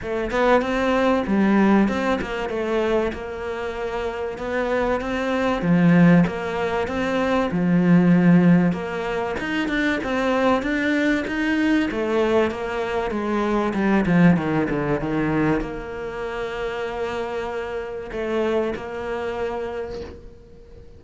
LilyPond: \new Staff \with { instrumentName = "cello" } { \time 4/4 \tempo 4 = 96 a8 b8 c'4 g4 c'8 ais8 | a4 ais2 b4 | c'4 f4 ais4 c'4 | f2 ais4 dis'8 d'8 |
c'4 d'4 dis'4 a4 | ais4 gis4 g8 f8 dis8 d8 | dis4 ais2.~ | ais4 a4 ais2 | }